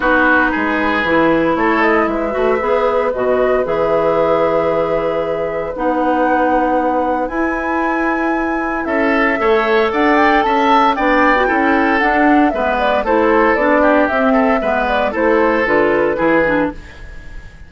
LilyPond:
<<
  \new Staff \with { instrumentName = "flute" } { \time 4/4 \tempo 4 = 115 b'2. cis''8 dis''8 | e''2 dis''4 e''4~ | e''2. fis''4~ | fis''2 gis''2~ |
gis''4 e''2 fis''8 g''8 | a''4 g''2 fis''4 | e''8 d''8 c''4 d''4 e''4~ | e''8 d''8 c''4 b'2 | }
  \new Staff \with { instrumentName = "oboe" } { \time 4/4 fis'4 gis'2 a'4 | b'1~ | b'1~ | b'1~ |
b'4 a'4 cis''4 d''4 | e''4 d''4 a'2 | b'4 a'4. g'4 a'8 | b'4 a'2 gis'4 | }
  \new Staff \with { instrumentName = "clarinet" } { \time 4/4 dis'2 e'2~ | e'8 fis'8 gis'4 fis'4 gis'4~ | gis'2. dis'4~ | dis'2 e'2~ |
e'2 a'2~ | a'4 d'8. fis'16 e'4 d'4 | b4 e'4 d'4 c'4 | b4 e'4 f'4 e'8 d'8 | }
  \new Staff \with { instrumentName = "bassoon" } { \time 4/4 b4 gis4 e4 a4 | gis8 a8 b4 b,4 e4~ | e2. b4~ | b2 e'2~ |
e'4 cis'4 a4 d'4 | cis'4 b4 cis'4 d'4 | gis4 a4 b4 c'4 | gis4 a4 d4 e4 | }
>>